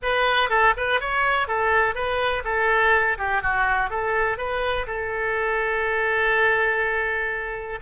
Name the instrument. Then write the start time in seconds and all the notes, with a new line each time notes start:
oboe
0.02 B4
0.49 A4
0.76 B4
1.00 C#5
1.47 A4
1.94 B4
2.44 A4
3.18 G4
3.42 F#4
3.90 A4
4.37 B4
4.86 A4